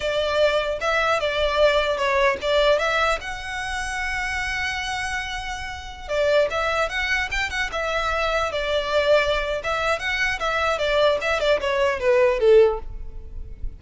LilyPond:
\new Staff \with { instrumentName = "violin" } { \time 4/4 \tempo 4 = 150 d''2 e''4 d''4~ | d''4 cis''4 d''4 e''4 | fis''1~ | fis''2.~ fis''16 d''8.~ |
d''16 e''4 fis''4 g''8 fis''8 e''8.~ | e''4~ e''16 d''2~ d''8. | e''4 fis''4 e''4 d''4 | e''8 d''8 cis''4 b'4 a'4 | }